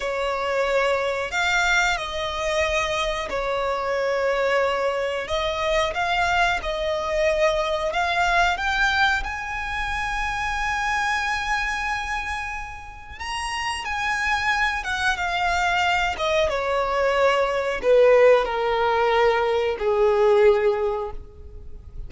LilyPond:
\new Staff \with { instrumentName = "violin" } { \time 4/4 \tempo 4 = 91 cis''2 f''4 dis''4~ | dis''4 cis''2. | dis''4 f''4 dis''2 | f''4 g''4 gis''2~ |
gis''1 | ais''4 gis''4. fis''8 f''4~ | f''8 dis''8 cis''2 b'4 | ais'2 gis'2 | }